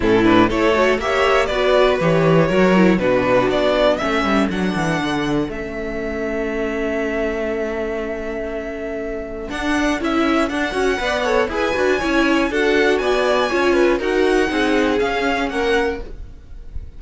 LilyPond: <<
  \new Staff \with { instrumentName = "violin" } { \time 4/4 \tempo 4 = 120 a'8 b'8 cis''4 e''4 d''4 | cis''2 b'4 d''4 | e''4 fis''2 e''4~ | e''1~ |
e''2. fis''4 | e''4 fis''2 gis''4~ | gis''4 fis''4 gis''2 | fis''2 f''4 fis''4 | }
  \new Staff \with { instrumentName = "violin" } { \time 4/4 e'4 a'4 cis''4 b'4~ | b'4 ais'4 fis'2 | a'1~ | a'1~ |
a'1~ | a'2 d''8 cis''8 b'4 | cis''4 a'4 d''4 cis''8 b'8 | ais'4 gis'2 ais'4 | }
  \new Staff \with { instrumentName = "viola" } { \time 4/4 cis'8 d'8 e'8 fis'8 g'4 fis'4 | g'4 fis'8 e'8 d'2 | cis'4 d'2 cis'4~ | cis'1~ |
cis'2. d'4 | e'4 d'8 fis'8 b'8 a'8 gis'8 fis'8 | e'4 fis'2 f'4 | fis'4 dis'4 cis'2 | }
  \new Staff \with { instrumentName = "cello" } { \time 4/4 a,4 a4 ais4 b4 | e4 fis4 b,4 b4 | a8 g8 fis8 e8 d4 a4~ | a1~ |
a2. d'4 | cis'4 d'8 cis'8 b4 e'8 d'8 | cis'4 d'4 b4 cis'4 | dis'4 c'4 cis'4 ais4 | }
>>